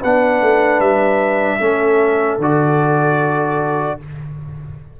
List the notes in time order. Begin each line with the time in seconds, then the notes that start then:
0.00 B3 D4 B4 F#5
0.41 A3
0.80 G3 E5
1.60 A3 C#4 A4
2.38 D3 F#4 D5